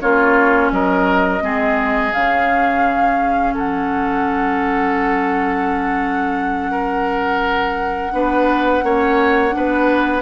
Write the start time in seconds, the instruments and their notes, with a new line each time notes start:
0.00 bassoon A#3, clarinet C#4, oboe F4, flute C#5
0.71 bassoon F#3, oboe A#4, flute D#5
1.41 bassoon G#3, clarinet C4, oboe G#4
2.13 bassoon C#3, clarinet C#4, flute F5
3.54 bassoon F#3, oboe A4, flute F#5
6.71 oboe A#4
8.12 bassoon B3, clarinet D4, oboe B4
8.83 bassoon A#3, clarinet C#4, oboe C#5
9.51 clarinet D4, oboe B4
9.57 bassoon B3